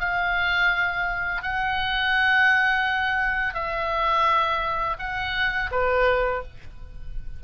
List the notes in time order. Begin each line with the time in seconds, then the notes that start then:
0.00 F5
1.43 F#5
3.55 E5
4.99 F#5
5.72 B4